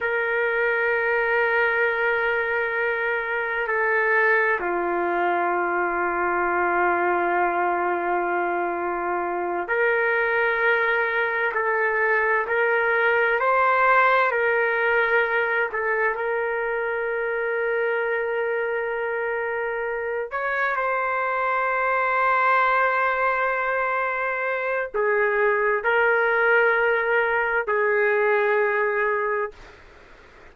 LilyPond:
\new Staff \with { instrumentName = "trumpet" } { \time 4/4 \tempo 4 = 65 ais'1 | a'4 f'2.~ | f'2~ f'8 ais'4.~ | ais'8 a'4 ais'4 c''4 ais'8~ |
ais'4 a'8 ais'2~ ais'8~ | ais'2 cis''8 c''4.~ | c''2. gis'4 | ais'2 gis'2 | }